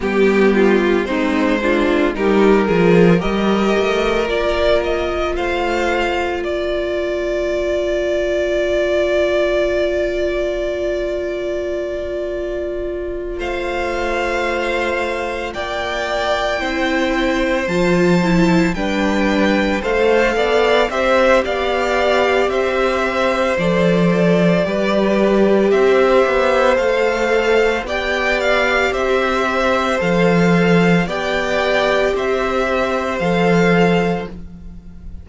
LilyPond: <<
  \new Staff \with { instrumentName = "violin" } { \time 4/4 \tempo 4 = 56 g'4 c''4 ais'4 dis''4 | d''8 dis''8 f''4 d''2~ | d''1~ | d''8 f''2 g''4.~ |
g''8 a''4 g''4 f''4 e''8 | f''4 e''4 d''2 | e''4 f''4 g''8 f''8 e''4 | f''4 g''4 e''4 f''4 | }
  \new Staff \with { instrumentName = "violin" } { \time 4/4 g'8 f'8 dis'8 f'8 g'8 gis'8 ais'4~ | ais'4 c''4 ais'2~ | ais'1~ | ais'8 c''2 d''4 c''8~ |
c''4. b'4 c''8 d''8 c''8 | d''4 c''2 b'4 | c''2 d''4 c''4~ | c''4 d''4 c''2 | }
  \new Staff \with { instrumentName = "viola" } { \time 4/4 b4 c'8 d'8 dis'8 f'8 g'4 | f'1~ | f'1~ | f'2.~ f'8 e'8~ |
e'8 f'8 e'8 d'4 a'4 g'8~ | g'2 a'4 g'4~ | g'4 a'4 g'2 | a'4 g'2 a'4 | }
  \new Staff \with { instrumentName = "cello" } { \time 4/4 g4 gis4 g8 f8 g8 a8 | ais4 a4 ais2~ | ais1~ | ais8 a2 ais4 c'8~ |
c'8 f4 g4 a8 b8 c'8 | b4 c'4 f4 g4 | c'8 b8 a4 b4 c'4 | f4 b4 c'4 f4 | }
>>